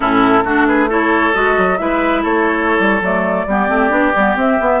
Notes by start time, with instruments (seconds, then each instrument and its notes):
0.00 bassoon A2, clarinet C#4, oboe E4, flute A4
0.44 bassoon A3, clarinet D4, oboe F#4
0.66 oboe G#4, flute B4
0.89 clarinet E4, oboe A4, flute C#5
1.33 bassoon G#3, clarinet F#4, flute D#5
1.57 bassoon F#3
1.78 bassoon G#3, clarinet E4, oboe B4, flute E5
2.22 bassoon A3, oboe A4, flute C#5
2.79 bassoon G3
3.01 bassoon F#3, clarinet A3, flute D5
3.46 bassoon G3, clarinet B3, oboe G4
3.68 bassoon A3, clarinet C4
3.89 bassoon B3, clarinet D4
4.15 bassoon G3, clarinet B3
4.36 bassoon C4, clarinet C4, flute E5
4.60 clarinet B3, bassoon B3